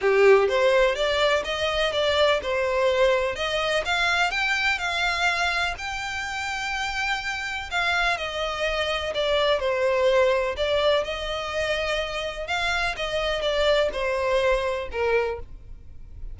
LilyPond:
\new Staff \with { instrumentName = "violin" } { \time 4/4 \tempo 4 = 125 g'4 c''4 d''4 dis''4 | d''4 c''2 dis''4 | f''4 g''4 f''2 | g''1 |
f''4 dis''2 d''4 | c''2 d''4 dis''4~ | dis''2 f''4 dis''4 | d''4 c''2 ais'4 | }